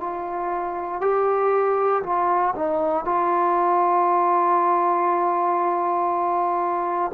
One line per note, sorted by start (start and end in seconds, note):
0.00 1.01 F4
1.01 2.03 G4
2.03 2.54 F4
2.56 3.05 D#4
3.05 7.12 F4